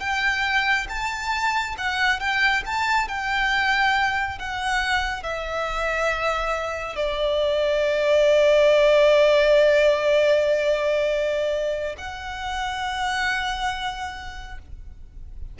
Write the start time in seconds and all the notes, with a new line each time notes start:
0.00 G5
0.89 A5
1.78 F#5
2.20 G5
2.66 A5
3.08 G5
4.39 F#5
5.23 E5
6.96 D5
11.98 F#5